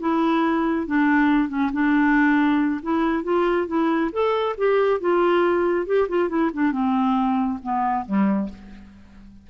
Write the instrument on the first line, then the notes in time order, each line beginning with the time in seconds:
clarinet
0.00 E4
0.87 D4
1.49 C#4
1.73 D4
2.83 E4
3.24 F4
3.67 E4
4.12 A4
4.58 G4
5.01 F4
5.86 G4
6.09 F4
6.29 E4
6.54 D4
6.72 C4
7.63 B3
8.06 G3